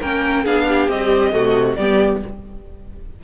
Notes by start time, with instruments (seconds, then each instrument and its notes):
0.00 cello A#3, viola C#4, violin A#4 G5
0.44 cello B3, viola D4, violin G#4 F5
0.68 violin G4
0.89 viola G3, cello C4, violin D#5
1.32 cello C3, viola A3, violin F#4
1.76 cello G3, viola B3, violin G4 D5